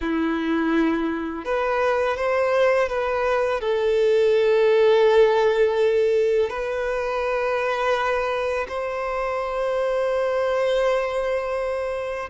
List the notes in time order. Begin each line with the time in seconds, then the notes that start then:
0.00 E4
1.45 B4
2.16 C5
2.88 B4
3.60 A4
6.49 B4
8.68 C5